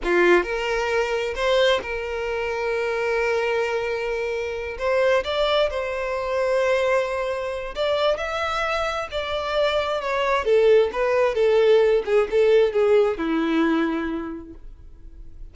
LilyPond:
\new Staff \with { instrumentName = "violin" } { \time 4/4 \tempo 4 = 132 f'4 ais'2 c''4 | ais'1~ | ais'2~ ais'8 c''4 d''8~ | d''8 c''2.~ c''8~ |
c''4 d''4 e''2 | d''2 cis''4 a'4 | b'4 a'4. gis'8 a'4 | gis'4 e'2. | }